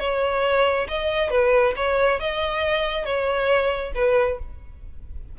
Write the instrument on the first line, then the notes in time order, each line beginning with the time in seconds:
violin
0.00 C#5
0.88 D#5
1.30 B4
1.76 C#5
2.20 D#5
3.05 C#5
3.95 B4